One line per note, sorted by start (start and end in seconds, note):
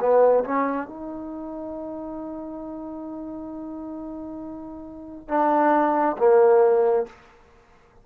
0.00 0.44 B3
0.44 0.87 C#4
0.87 5.29 D#4
5.29 6.17 D4
6.18 7.06 A#3